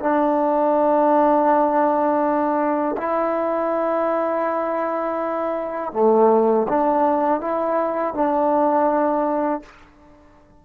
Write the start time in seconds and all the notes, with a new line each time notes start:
0.00 D4
2.98 E4
5.93 A3
6.69 D4
7.41 E4
8.14 D4